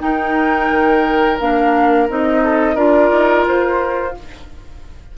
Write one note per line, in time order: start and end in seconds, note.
0.00 1.38 D#4
0.00 0.70 D#4
0.00 2.44 A#4
0.00 1.38 G5
0.71 1.40 D#3
1.40 2.09 A#3
1.40 2.09 D4
1.40 2.09 F5
2.09 2.76 C4
2.09 2.77 D#4
2.09 2.77 D#5
2.44 2.75 A4
2.75 3.11 D4
2.75 4.15 F4
2.75 4.13 A#4
2.75 3.46 D5
3.11 3.46 D#4
3.48 4.18 F4
3.48 4.17 C5